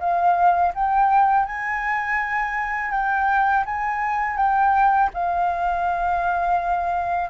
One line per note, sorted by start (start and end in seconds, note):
0.00 0.73 F5
0.75 1.46 G5
1.46 2.91 G#5
2.91 3.65 G5
3.66 4.37 G#5
4.37 5.10 G5
5.14 7.30 F5